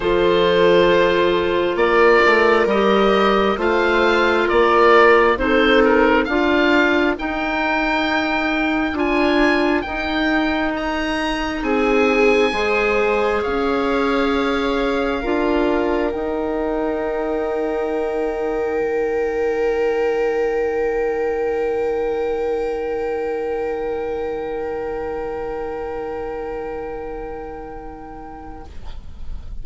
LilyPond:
<<
  \new Staff \with { instrumentName = "oboe" } { \time 4/4 \tempo 4 = 67 c''2 d''4 dis''4 | f''4 d''4 c''8 ais'8 f''4 | g''2 gis''4 g''4 | ais''4 gis''2 f''4~ |
f''2 g''2~ | g''1~ | g''1~ | g''1 | }
  \new Staff \with { instrumentName = "viola" } { \time 4/4 a'2 ais'2 | c''4 ais'4 a'4 ais'4~ | ais'1~ | ais'4 gis'4 c''4 cis''4~ |
cis''4 ais'2.~ | ais'1~ | ais'1~ | ais'1 | }
  \new Staff \with { instrumentName = "clarinet" } { \time 4/4 f'2. g'4 | f'2 dis'4 f'4 | dis'2 f'4 dis'4~ | dis'2 gis'2~ |
gis'4 f'4 dis'2~ | dis'1~ | dis'1~ | dis'1 | }
  \new Staff \with { instrumentName = "bassoon" } { \time 4/4 f2 ais8 a8 g4 | a4 ais4 c'4 d'4 | dis'2 d'4 dis'4~ | dis'4 c'4 gis4 cis'4~ |
cis'4 d'4 dis'2~ | dis'4 dis2.~ | dis1~ | dis1 | }
>>